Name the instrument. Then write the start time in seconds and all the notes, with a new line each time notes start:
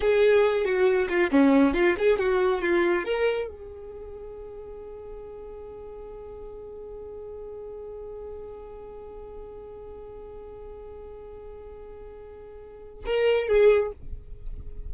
violin
0.00 G#4
0.64 F#4
1.08 F4
1.31 C#4
1.73 F4
1.98 G#4
2.19 F#4
2.61 F4
3.04 A#4
3.48 G#4
13.05 A#4
13.48 G#4